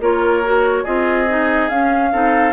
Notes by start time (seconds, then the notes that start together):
0.00 A#3 F4 A#4 C#5
0.44 F#4
0.84 C4 F4 G#4 D#5
1.28 D#4
1.69 C#4 F5
2.12 C4 D#4 A4